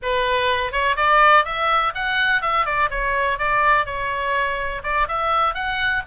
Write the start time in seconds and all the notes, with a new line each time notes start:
0.02 B4
0.71 C#5
0.96 D5
1.44 E5
1.94 F#5
2.41 E5
2.65 D5
2.90 C#5
3.38 D5
3.85 C#5
4.83 D5
5.08 E5
5.54 F#5